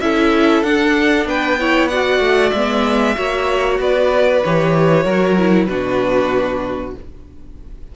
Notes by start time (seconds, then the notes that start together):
0.00 C#4 E4 A4 E5
0.63 D4 F#5
1.25 B3 B4 G5
1.60 E4 C#5
1.87 F#4 D5 F#5
2.19 A3
2.50 G#3 B3 E5
3.15 A#3 F#4 C#5
3.79 B3 B4 D5
4.44 E3 G4 C#5
5.04 F#3 F#4 A#4
5.38 E4
5.65 B2 D4 F#4 B4